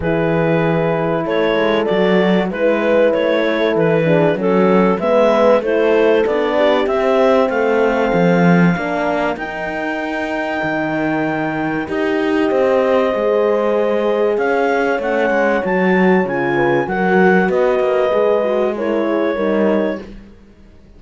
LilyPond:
<<
  \new Staff \with { instrumentName = "clarinet" } { \time 4/4 \tempo 4 = 96 b'2 cis''4 d''4 | b'4 cis''4 b'4 a'4 | e''4 c''4 d''4 e''4 | f''2. g''4~ |
g''2. dis''4~ | dis''2. f''4 | fis''4 a''4 gis''4 fis''4 | dis''2 cis''2 | }
  \new Staff \with { instrumentName = "horn" } { \time 4/4 gis'2 a'2 | b'4. a'4 gis'8 fis'4 | b'4 a'4. g'4. | a'2 ais'2~ |
ais'1 | c''2. cis''4~ | cis''2~ cis''8 b'8 ais'4 | b'2 ais'8 gis'8 ais'4 | }
  \new Staff \with { instrumentName = "horn" } { \time 4/4 e'2. fis'4 | e'2~ e'8 d'8 cis'4 | b4 e'4 d'4 c'4~ | c'2 d'4 dis'4~ |
dis'2. g'4~ | g'4 gis'2. | cis'4 fis'4 f'4 fis'4~ | fis'4 gis'8 fis'8 e'4 dis'4 | }
  \new Staff \with { instrumentName = "cello" } { \time 4/4 e2 a8 gis8 fis4 | gis4 a4 e4 fis4 | gis4 a4 b4 c'4 | a4 f4 ais4 dis'4~ |
dis'4 dis2 dis'4 | c'4 gis2 cis'4 | a8 gis8 fis4 cis4 fis4 | b8 ais8 gis2 g4 | }
>>